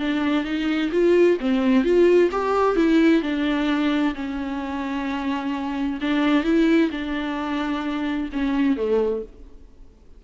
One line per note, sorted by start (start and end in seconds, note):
0.00 0.45 D4
0.45 0.91 D#4
0.92 1.38 F4
1.41 1.84 C4
1.84 2.31 F4
2.32 2.77 G4
2.77 3.23 E4
3.23 4.15 D4
4.15 6.00 C#4
6.01 6.44 D4
6.44 6.91 E4
6.91 8.30 D4
8.33 8.77 C#4
8.77 9.23 A3